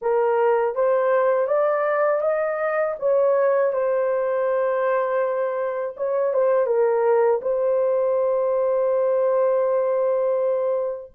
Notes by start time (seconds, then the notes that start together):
0.01 A#4
0.75 C5
1.47 D5
2.21 D#5
2.99 C#5
3.72 C5
5.96 C#5
6.33 C5
6.66 A#4
7.41 C5